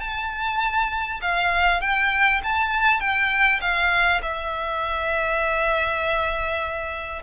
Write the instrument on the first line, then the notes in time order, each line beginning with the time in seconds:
violin
0.00 A5
1.21 F5
1.81 G5
2.43 A5
3.00 G5
3.61 F5
4.22 E5